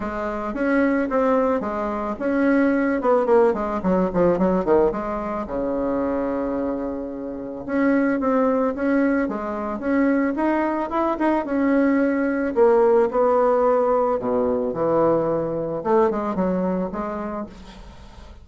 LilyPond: \new Staff \with { instrumentName = "bassoon" } { \time 4/4 \tempo 4 = 110 gis4 cis'4 c'4 gis4 | cis'4. b8 ais8 gis8 fis8 f8 | fis8 dis8 gis4 cis2~ | cis2 cis'4 c'4 |
cis'4 gis4 cis'4 dis'4 | e'8 dis'8 cis'2 ais4 | b2 b,4 e4~ | e4 a8 gis8 fis4 gis4 | }